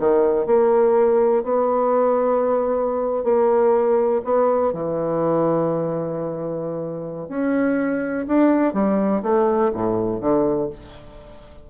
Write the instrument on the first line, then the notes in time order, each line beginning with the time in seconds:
bassoon
0.00 D#3
0.46 A#3
1.44 B3
3.24 A#3
4.24 B3
4.73 E3
7.29 C#4
8.28 D4
8.74 G3
9.23 A3
9.74 A2
10.21 D3